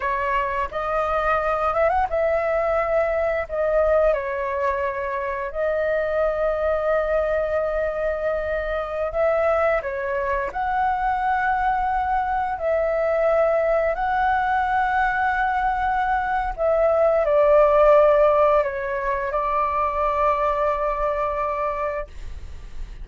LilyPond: \new Staff \with { instrumentName = "flute" } { \time 4/4 \tempo 4 = 87 cis''4 dis''4. e''16 fis''16 e''4~ | e''4 dis''4 cis''2 | dis''1~ | dis''4~ dis''16 e''4 cis''4 fis''8.~ |
fis''2~ fis''16 e''4.~ e''16~ | e''16 fis''2.~ fis''8. | e''4 d''2 cis''4 | d''1 | }